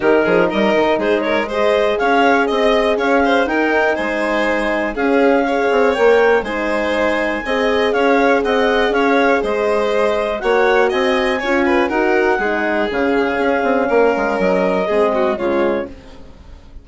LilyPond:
<<
  \new Staff \with { instrumentName = "clarinet" } { \time 4/4 \tempo 4 = 121 ais'4 dis''4 c''8 cis''8 dis''4 | f''4 dis''4 f''4 g''4 | gis''2 f''2 | g''4 gis''2. |
f''4 fis''4 f''4 dis''4~ | dis''4 fis''4 gis''2 | fis''2 f''2~ | f''4 dis''2 cis''4 | }
  \new Staff \with { instrumentName = "violin" } { \time 4/4 g'8 gis'8 ais'4 gis'8 ais'8 c''4 | cis''4 dis''4 cis''8 c''8 ais'4 | c''2 gis'4 cis''4~ | cis''4 c''2 dis''4 |
cis''4 dis''4 cis''4 c''4~ | c''4 cis''4 dis''4 cis''8 b'8 | ais'4 gis'2. | ais'2 gis'8 fis'8 f'4 | }
  \new Staff \with { instrumentName = "horn" } { \time 4/4 dis'2. gis'4~ | gis'2. dis'4~ | dis'2 cis'4 gis'4 | ais'4 dis'2 gis'4~ |
gis'1~ | gis'4 fis'2 f'4 | fis'4 dis'4 cis'2~ | cis'2 c'4 gis4 | }
  \new Staff \with { instrumentName = "bassoon" } { \time 4/4 dis8 f8 g8 dis8 gis2 | cis'4 c'4 cis'4 dis'4 | gis2 cis'4. c'8 | ais4 gis2 c'4 |
cis'4 c'4 cis'4 gis4~ | gis4 ais4 c'4 cis'4 | dis'4 gis4 cis4 cis'8 c'8 | ais8 gis8 fis4 gis4 cis4 | }
>>